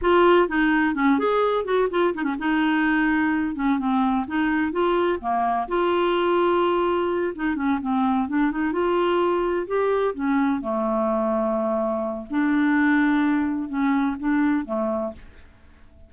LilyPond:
\new Staff \with { instrumentName = "clarinet" } { \time 4/4 \tempo 4 = 127 f'4 dis'4 cis'8 gis'4 fis'8 | f'8 dis'16 cis'16 dis'2~ dis'8 cis'8 | c'4 dis'4 f'4 ais4 | f'2.~ f'8 dis'8 |
cis'8 c'4 d'8 dis'8 f'4.~ | f'8 g'4 cis'4 a4.~ | a2 d'2~ | d'4 cis'4 d'4 a4 | }